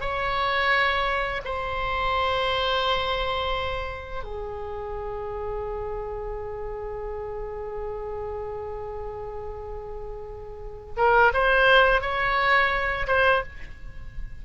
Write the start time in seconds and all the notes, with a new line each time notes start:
0.00 C#5
1.45 C5
4.23 G#4
10.96 A#4
11.33 C5
12.01 C#5
13.07 C5